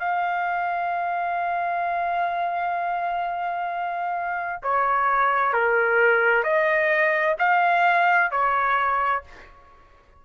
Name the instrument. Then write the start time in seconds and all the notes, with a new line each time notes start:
trumpet
0.00 F5
4.63 C#5
5.54 A#4
6.44 D#5
7.39 F5
8.32 C#5